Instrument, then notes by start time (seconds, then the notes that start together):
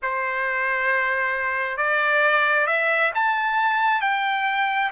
trumpet
0.02 C5
1.77 D5
2.66 E5
3.14 A5
4.01 G5